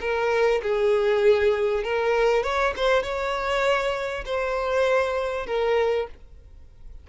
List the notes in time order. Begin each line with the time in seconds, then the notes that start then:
0.00 A#4
0.62 G#4
1.83 A#4
2.43 C#5
2.76 C5
3.03 C#5
4.25 C5
5.46 A#4